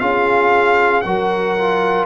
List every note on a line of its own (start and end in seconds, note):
0.00 1.05 C#4
0.00 1.03 F4
0.00 1.05 G#4
0.00 1.02 F5
1.02 2.06 F#3
1.02 1.58 F#4
1.02 2.06 A#4
1.02 2.05 F#5
1.58 2.06 F4